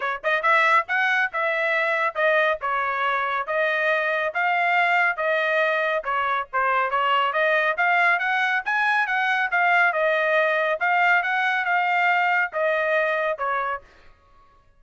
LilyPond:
\new Staff \with { instrumentName = "trumpet" } { \time 4/4 \tempo 4 = 139 cis''8 dis''8 e''4 fis''4 e''4~ | e''4 dis''4 cis''2 | dis''2 f''2 | dis''2 cis''4 c''4 |
cis''4 dis''4 f''4 fis''4 | gis''4 fis''4 f''4 dis''4~ | dis''4 f''4 fis''4 f''4~ | f''4 dis''2 cis''4 | }